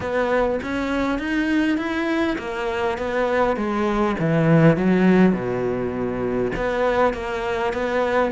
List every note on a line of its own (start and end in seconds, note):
0.00 0.59 B3
0.62 1.19 C#4
1.19 1.77 D#4
1.77 2.37 E4
2.38 2.97 A#3
2.98 3.56 B3
3.56 4.15 G#3
4.19 4.76 E3
4.76 5.32 F#3
5.32 6.51 B2
6.55 7.13 B3
7.13 7.73 A#3
7.73 8.31 B3